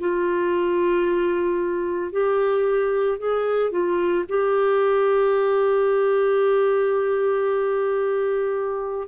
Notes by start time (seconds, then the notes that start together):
0.00 F4
2.12 G4
3.19 G#4
3.72 F4
4.29 G4